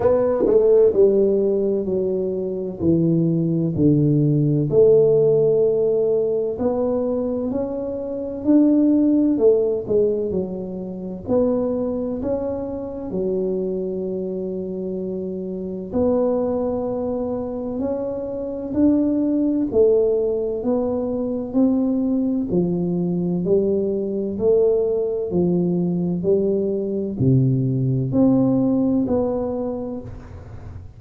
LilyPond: \new Staff \with { instrumentName = "tuba" } { \time 4/4 \tempo 4 = 64 b8 a8 g4 fis4 e4 | d4 a2 b4 | cis'4 d'4 a8 gis8 fis4 | b4 cis'4 fis2~ |
fis4 b2 cis'4 | d'4 a4 b4 c'4 | f4 g4 a4 f4 | g4 c4 c'4 b4 | }